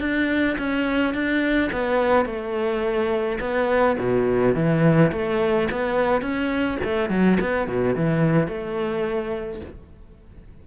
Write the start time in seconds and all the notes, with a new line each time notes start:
0.00 D4
0.58 C#4
1.14 D4
1.72 B3
2.26 A3
3.40 B3
3.99 B2
4.55 E3
5.12 A3
5.71 B3
6.22 C#4
6.84 A3
7.10 F#3
7.40 B3
7.67 B2
7.96 E3
8.48 A3